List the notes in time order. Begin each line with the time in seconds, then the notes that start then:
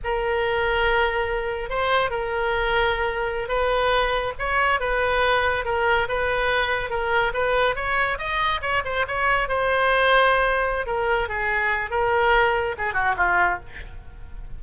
0.03 A#4
1.69 C5
2.10 A#4
3.48 B4
4.38 C#5
4.80 B4
5.65 A#4
6.08 B4
6.89 A#4
7.33 B4
7.75 C#5
8.18 D#5
8.61 C#5
8.84 C5
9.07 C#5
9.48 C5
10.86 A#4
11.28 G#4
11.90 A#4
12.78 G#4
12.93 F#4
13.16 F4